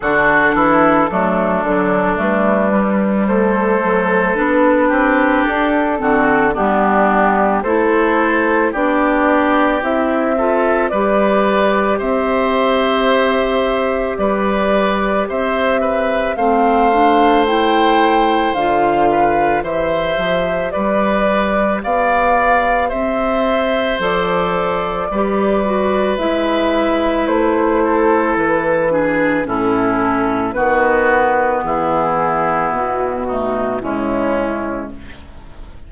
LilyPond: <<
  \new Staff \with { instrumentName = "flute" } { \time 4/4 \tempo 4 = 55 a'2 b'4 c''4 | b'4 a'4 g'4 c''4 | d''4 e''4 d''4 e''4~ | e''4 d''4 e''4 f''4 |
g''4 f''4 e''4 d''4 | f''4 e''4 d''2 | e''4 c''4 b'4 a'4 | b'4 gis'4 fis'4 e'4 | }
  \new Staff \with { instrumentName = "oboe" } { \time 4/4 fis'8 e'8 d'2 a'4~ | a'8 g'4 fis'8 d'4 a'4 | g'4. a'8 b'4 c''4~ | c''4 b'4 c''8 b'8 c''4~ |
c''4. b'8 c''4 b'4 | d''4 c''2 b'4~ | b'4. a'4 gis'8 e'4 | fis'4 e'4. dis'8 cis'4 | }
  \new Staff \with { instrumentName = "clarinet" } { \time 4/4 d'4 a8 fis8 a8 g4 fis8 | d'4. c'8 b4 e'4 | d'4 e'8 f'8 g'2~ | g'2. c'8 d'8 |
e'4 f'4 g'2~ | g'2 a'4 g'8 fis'8 | e'2~ e'8 d'8 cis'4 | b2~ b8 a8 gis4 | }
  \new Staff \with { instrumentName = "bassoon" } { \time 4/4 d8 e8 fis8 d8 g4 a4 | b8 c'8 d'8 d8 g4 a4 | b4 c'4 g4 c'4~ | c'4 g4 c'4 a4~ |
a4 d4 e8 f8 g4 | b4 c'4 f4 g4 | gis4 a4 e4 a,4 | dis4 e4 b,4 cis4 | }
>>